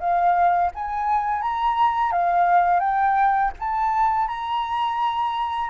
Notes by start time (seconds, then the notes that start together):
0.00 F5
0.75 G#5
1.42 A#5
2.12 F5
2.80 G5
3.59 A5
4.28 A#5